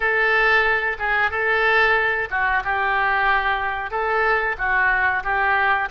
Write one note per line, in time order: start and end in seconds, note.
0.00 0.97 A4
0.98 1.30 G#4
1.30 2.28 A4
2.30 2.63 F#4
2.64 3.90 G4
3.90 4.56 A4
4.58 5.23 F#4
5.24 5.89 G4